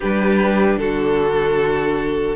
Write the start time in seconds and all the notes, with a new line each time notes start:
0.00 G3 D4 G4 B4
0.77 D3 F#4 A4